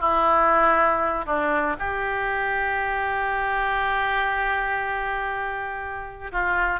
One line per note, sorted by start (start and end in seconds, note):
0.00 1.25 E4
1.25 1.76 D4
1.79 6.32 G4
6.32 6.80 F4